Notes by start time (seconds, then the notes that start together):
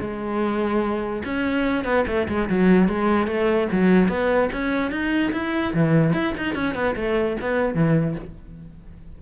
0.00 G#3
1.24 C#4
1.84 B3
2.07 A3
2.28 G#3
2.49 F#3
2.88 G#3
3.27 A3
3.72 F#3
4.08 B3
4.52 C#4
4.91 D#4
5.32 E4
5.73 E3
6.13 E4
6.37 D#4
6.54 C#4
6.74 B3
6.96 A3
7.40 B3
7.74 E3